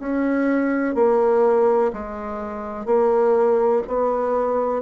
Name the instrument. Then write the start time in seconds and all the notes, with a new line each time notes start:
bassoon
0.00 C#4
0.95 A#3
1.93 G#3
2.86 A#3
3.88 B3